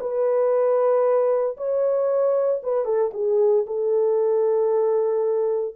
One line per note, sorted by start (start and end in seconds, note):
0.00 1.57 B4
1.57 2.61 C#5
2.63 2.85 B4
2.85 3.11 A4
3.14 3.66 G#4
3.67 5.75 A4